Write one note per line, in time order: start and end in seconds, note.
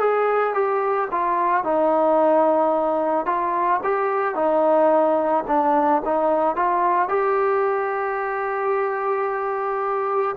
0.00 0.54 G#4
0.54 1.08 G4
1.11 1.64 F4
1.64 3.26 D#4
3.26 3.80 F4
3.83 4.35 G4
4.35 5.44 D#4
5.47 6.02 D4
6.05 6.56 D#4
6.56 7.09 F4
7.09 10.36 G4